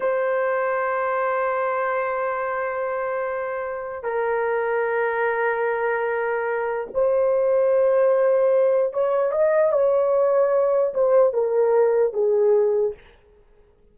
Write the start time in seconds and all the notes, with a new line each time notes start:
0.00 C5
4.03 A#4
6.94 C5
8.93 C#5
9.31 D#5
9.71 C#5
10.94 C5
11.33 A#4
12.13 G#4